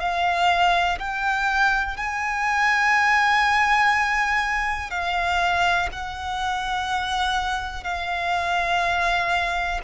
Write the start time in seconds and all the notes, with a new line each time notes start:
0.00 F5
0.99 G5
1.97 G#5
4.90 F5
5.92 F#5
7.83 F5